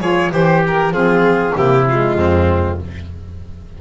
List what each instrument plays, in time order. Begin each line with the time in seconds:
0.00 double bass F3, saxophone F4, oboe G#4, violin C#5
0.31 double bass E3, saxophone G4, oboe G4, violin C5
0.67 violin A#4
0.91 double bass F3, saxophone C4, oboe F4, violin G#4
1.53 double bass C3, saxophone A#3, oboe E4, violin G4
1.87 saxophone G#3, violin F4
2.16 double bass F2, oboe C4